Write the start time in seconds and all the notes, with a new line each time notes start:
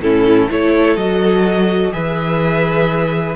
0.00 A2 C#4 E4 A4
0.50 A3 E4 A4 C#5
0.97 F#3 F#4 D#5
1.92 E3 G#4 B4 E5